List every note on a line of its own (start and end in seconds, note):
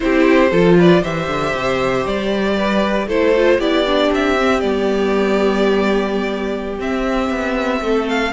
0.00 0.51 C4
0.00 0.49 E4
0.00 0.51 G4
0.00 0.76 C5
0.51 1.02 F3
0.51 1.03 F4
0.51 0.76 A4
0.78 1.01 B4
0.78 1.04 D5
1.01 1.27 E3
1.01 3.08 G4
1.01 2.55 C5
1.01 2.05 E5
1.27 1.53 D3
1.54 2.05 C3
2.05 3.07 G3
2.05 3.08 D5
2.55 3.07 B4
3.07 3.58 A3
3.07 3.34 E4
3.07 3.59 A4
3.07 3.60 C5
3.35 3.60 F4
3.58 4.10 B3
3.58 3.86 E4
3.58 7.82 G4
3.58 4.11 D5
3.86 4.37 D4
4.11 4.62 C4
4.11 4.60 E5
4.37 4.62 C4
4.60 6.79 G3
4.60 6.79 B3
4.60 6.78 D5
6.79 8.32 C4
6.79 7.29 C4
6.79 8.08 E5
7.29 7.80 B3
7.80 8.32 A3
7.80 8.32 A4
8.08 8.32 F5